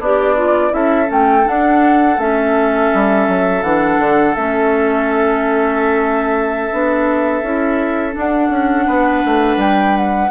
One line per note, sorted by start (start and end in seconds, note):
0.00 0.73 B3
0.00 0.72 D4
0.00 0.37 G4
0.00 0.74 D5
0.37 0.71 F4
0.71 1.09 C#4
0.71 1.06 E4
0.71 8.87 A4
0.71 1.10 E5
1.06 1.47 A3
1.06 1.43 C#4
1.06 1.48 G5
1.44 2.17 D4
1.44 2.18 D4
1.44 2.20 F#5
2.18 2.91 A3
2.18 3.64 C#4
2.18 3.63 E5
2.94 3.29 G3
3.29 3.63 F#3
3.63 3.99 E3
3.63 4.36 D4
3.63 4.35 F#5
4.00 4.36 D3
4.35 6.72 A3
4.35 6.72 C#4
4.35 8.15 E5
6.72 7.43 B3
6.72 7.44 D4
7.43 8.15 C#4
7.43 8.12 E4
8.12 10.29 D4
8.12 8.50 D4
8.19 9.61 F#5
8.50 8.86 C#4
8.87 9.24 B3
8.87 10.31 B4
9.25 9.57 A3
9.57 10.30 G3
9.57 9.97 G5
9.97 10.31 F#5